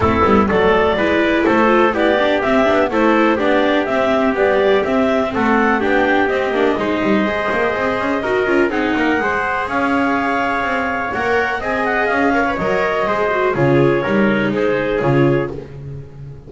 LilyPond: <<
  \new Staff \with { instrumentName = "clarinet" } { \time 4/4 \tempo 4 = 124 a'4 d''2 c''4 | d''4 e''4 c''4 d''4 | e''4 d''4 e''4 fis''4 | g''4 dis''2.~ |
dis''2 fis''2 | f''2. fis''4 | gis''8 fis''8 f''4 dis''2 | cis''2 c''4 cis''4 | }
  \new Staff \with { instrumentName = "trumpet" } { \time 4/4 e'4 a'4 b'4 a'4 | g'2 a'4 g'4~ | g'2. a'4 | g'2 c''2~ |
c''4 ais'4 gis'8 ais'8 c''4 | cis''1 | dis''4. cis''4. c''4 | gis'4 ais'4 gis'2 | }
  \new Staff \with { instrumentName = "viola" } { \time 4/4 c'8 b8 a4 e'4. f'8 | e'8 d'8 c'8 d'8 e'4 d'4 | c'4 g4 c'2 | d'4 c'8 d'8 dis'4 gis'4~ |
gis'4 fis'8 f'8 dis'4 gis'4~ | gis'2. ais'4 | gis'4. ais'16 b'16 ais'4 gis'8 fis'8 | f'4 dis'2 f'4 | }
  \new Staff \with { instrumentName = "double bass" } { \time 4/4 a8 g8 fis4 gis4 a4 | b4 c'8 b8 a4 b4 | c'4 b4 c'4 a4 | b4 c'8 ais8 gis8 g8 gis8 ais8 |
c'8 cis'8 dis'8 cis'8 c'8 ais8 gis4 | cis'2 c'4 ais4 | c'4 cis'4 fis4 gis4 | cis4 g4 gis4 cis4 | }
>>